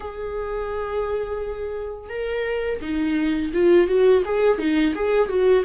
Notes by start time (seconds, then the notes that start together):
0.00 G#4
2.09 A#4
2.81 D#4
3.53 F4
3.87 F#4
4.25 G#4
4.58 D#4
4.95 G#4
5.28 F#4